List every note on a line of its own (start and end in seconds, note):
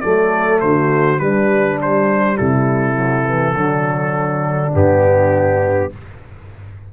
0.00 0.62 F#3
0.00 1.17 A3
0.00 0.61 A4
0.00 0.59 D5
0.60 1.20 D3
0.60 1.21 F#4
0.60 1.19 C5
1.17 2.94 G3
1.17 2.37 G3
1.17 2.37 D4
1.17 1.78 B4
1.81 2.37 C5
2.37 3.54 C3
2.37 3.54 E4
2.37 4.72 A4
2.94 3.24 F#3
3.25 3.54 E3
3.54 4.71 D3
3.54 4.72 F#3
3.54 5.91 D4
4.72 5.92 G2
4.72 5.90 B3
4.72 5.92 G4